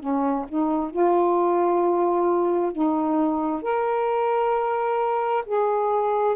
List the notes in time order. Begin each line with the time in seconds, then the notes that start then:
0.00 C#4
0.48 D#4
0.91 F4
2.72 D#4
3.62 A#4
5.46 G#4